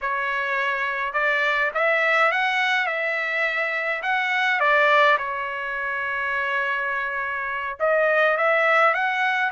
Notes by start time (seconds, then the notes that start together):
0.01 C#5
1.13 D5
1.74 E5
2.31 F#5
2.86 E5
4.02 F#5
4.60 D5
5.18 C#5
7.79 D#5
8.37 E5
8.93 F#5